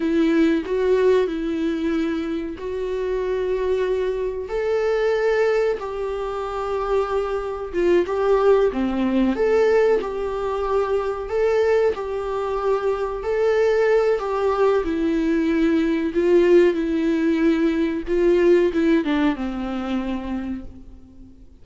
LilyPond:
\new Staff \with { instrumentName = "viola" } { \time 4/4 \tempo 4 = 93 e'4 fis'4 e'2 | fis'2. a'4~ | a'4 g'2. | f'8 g'4 c'4 a'4 g'8~ |
g'4. a'4 g'4.~ | g'8 a'4. g'4 e'4~ | e'4 f'4 e'2 | f'4 e'8 d'8 c'2 | }